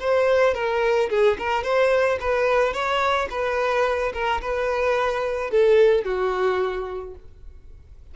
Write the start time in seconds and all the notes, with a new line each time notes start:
0.00 C5
0.54 A#4
1.10 G#4
1.38 A#4
1.63 C5
2.20 B4
2.73 C#5
3.30 B4
4.14 A#4
4.41 B4
5.51 A4
6.05 F#4